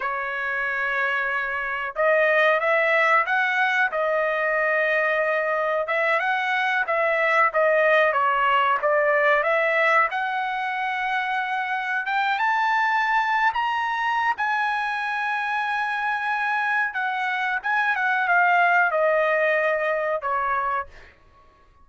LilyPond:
\new Staff \with { instrumentName = "trumpet" } { \time 4/4 \tempo 4 = 92 cis''2. dis''4 | e''4 fis''4 dis''2~ | dis''4 e''8 fis''4 e''4 dis''8~ | dis''8 cis''4 d''4 e''4 fis''8~ |
fis''2~ fis''8 g''8 a''4~ | a''8. ais''4~ ais''16 gis''2~ | gis''2 fis''4 gis''8 fis''8 | f''4 dis''2 cis''4 | }